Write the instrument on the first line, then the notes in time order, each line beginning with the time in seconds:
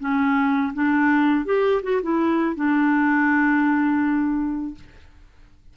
clarinet
0.00 C#4
0.74 D4
1.46 G4
1.83 F#4
2.03 E4
2.56 D4